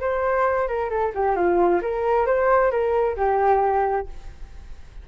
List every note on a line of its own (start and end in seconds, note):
0.00 0.67 C5
0.67 0.89 A#4
0.89 1.12 A4
1.14 1.35 G4
1.35 1.80 F4
1.81 2.26 A#4
2.26 2.71 C5
2.71 3.16 A#4
3.16 4.07 G4